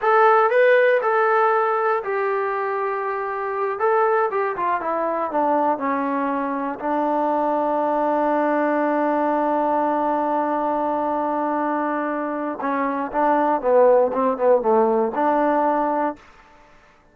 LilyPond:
\new Staff \with { instrumentName = "trombone" } { \time 4/4 \tempo 4 = 119 a'4 b'4 a'2 | g'2.~ g'8 a'8~ | a'8 g'8 f'8 e'4 d'4 cis'8~ | cis'4. d'2~ d'8~ |
d'1~ | d'1~ | d'4 cis'4 d'4 b4 | c'8 b8 a4 d'2 | }